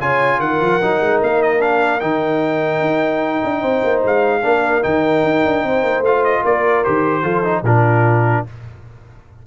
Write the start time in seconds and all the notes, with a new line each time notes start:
0.00 C#3 F4 C#5 G#5
0.40 D#3 A#4 F#5
0.61 F3
0.82 F#3 D#4
1.01 G#3
1.23 A#3 F5
1.43 D#5
1.60 D4 F5
2.01 D#3 D#4 G5
2.81 D#4
3.44 D4
3.61 C4 C5
3.84 A#3
4.05 G#3 F5
4.43 A#3 D4 A#4
4.83 D#3 D#4 G5
5.24 D#4
5.45 D4
5.64 C4 C5
5.83 A#3
6.01 A3 F5
6.07 F4
6.25 D#5
6.43 A#3 A#4 D5
6.84 D#3 G4 C5
7.23 F3 F4 A4
7.44 D#4
7.63 A#2 D4 F4 A#4